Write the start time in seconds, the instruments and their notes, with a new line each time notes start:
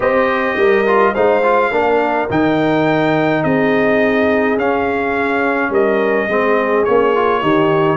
0.00 tuba C4, trombone G4, horn C5, trumpet D#5
0.55 tuba G3, horn A#4
0.86 trombone F4
1.13 tuba G#3, trombone D#4, horn C5, trumpet F5
1.43 trombone F4
1.70 tuba A#3, trombone D4, horn A#4
2.29 tuba D#3, trombone D#4, trumpet G5
3.43 tuba C4, horn G#4, trumpet D#5
4.57 tuba C#4, trombone C#4, trumpet F5
5.69 tuba G3, horn A#4, trumpet D#5
6.28 tuba G#3, trombone C4, horn G#4
6.84 tuba A#3, trombone C#4, trumpet C#5
7.14 trombone F4
7.41 tuba D#3, trombone D#4, horn G4